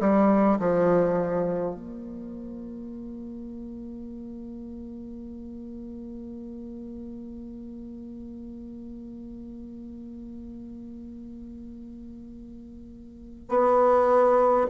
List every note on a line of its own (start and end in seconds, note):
0.00 0.59 G3
0.59 1.75 F3
1.75 13.49 A#3
13.49 14.67 B3